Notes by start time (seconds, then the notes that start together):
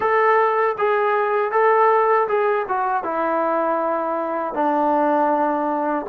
0.00 A4
0.78 G#4
1.51 A4
2.28 G#4
2.68 F#4
3.03 E4
4.54 D4